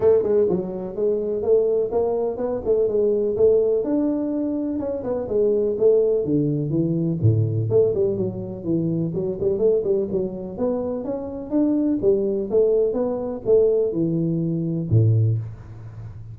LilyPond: \new Staff \with { instrumentName = "tuba" } { \time 4/4 \tempo 4 = 125 a8 gis8 fis4 gis4 a4 | ais4 b8 a8 gis4 a4 | d'2 cis'8 b8 gis4 | a4 d4 e4 a,4 |
a8 g8 fis4 e4 fis8 g8 | a8 g8 fis4 b4 cis'4 | d'4 g4 a4 b4 | a4 e2 a,4 | }